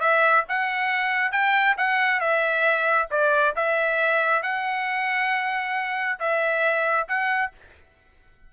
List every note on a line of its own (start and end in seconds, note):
0.00 0.44 E5
0.48 1.32 F#5
1.32 1.76 G5
1.77 2.20 F#5
2.20 3.08 E5
3.10 3.55 D5
3.56 4.42 E5
4.42 6.19 F#5
6.19 7.07 E5
7.08 7.52 F#5